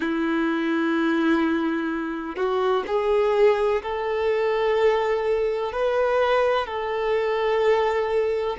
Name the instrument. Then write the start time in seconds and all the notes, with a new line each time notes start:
violin
0.00 E4
2.35 F#4
2.87 G#4
3.82 A4
5.72 B4
6.66 A4